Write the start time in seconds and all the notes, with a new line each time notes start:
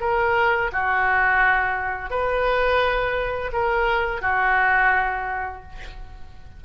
0.00 A#4
0.72 F#4
2.10 B4
3.52 A#4
4.21 F#4